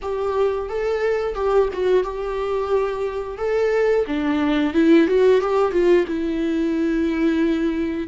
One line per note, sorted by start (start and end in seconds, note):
0.02 0.69 G4
0.69 1.35 A4
1.35 1.68 G4
1.73 2.03 F#4
2.03 3.37 G4
3.37 4.04 A4
4.06 4.73 D4
4.73 5.07 E4
5.07 5.40 F#4
5.40 5.72 G4
5.72 6.05 F4
6.07 8.07 E4